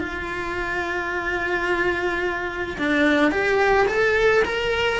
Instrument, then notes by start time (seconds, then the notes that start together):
cello
0.00 F4
2.78 D4
3.32 G4
3.88 A4
4.45 A#4